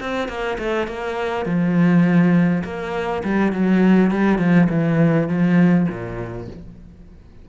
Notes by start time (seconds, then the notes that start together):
0.00 C4
0.28 A#3
0.58 A3
0.87 A#3
1.46 F3
2.64 A#3
3.24 G3
3.53 F#3
4.11 G3
4.39 F3
4.70 E3
5.28 F3
5.89 A#2